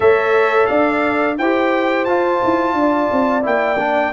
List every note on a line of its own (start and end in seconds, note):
0.00 0.69 A3
0.00 1.36 A4
0.00 0.69 C#5
0.00 0.66 E5
0.66 1.38 D4
0.66 1.37 D5
0.66 1.35 F5
1.38 2.06 E4
1.38 2.07 G4
1.38 2.76 C5
1.38 2.04 G5
2.04 2.40 F4
2.04 3.42 F4
2.04 3.42 A5
2.44 2.73 E4
2.73 3.08 D4
2.73 4.13 D5
3.11 3.45 C4
3.42 4.13 A#3
3.42 3.77 E4
3.42 4.13 G5
3.79 4.13 D4